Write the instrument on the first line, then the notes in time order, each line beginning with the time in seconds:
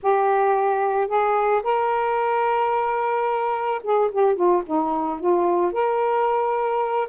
saxophone
0.02 G4
1.07 G#4
1.63 A#4
3.83 G#4
4.11 G4
4.35 F4
4.66 D#4
5.19 F4
5.72 A#4